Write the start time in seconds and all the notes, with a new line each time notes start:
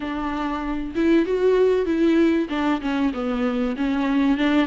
0.00 D4
0.95 E4
1.25 F#4
1.85 E4
2.49 D4
2.81 C#4
3.13 B3
3.76 C#4
4.37 D4